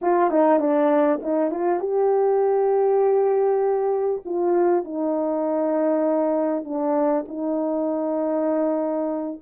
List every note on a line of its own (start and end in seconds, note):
0.01 0.30 F4
0.30 0.59 D#4
0.59 1.20 D4
1.22 1.50 D#4
1.50 1.79 F4
1.79 4.22 G4
4.25 4.84 F4
4.84 6.64 D#4
6.64 7.25 D4
7.28 9.40 D#4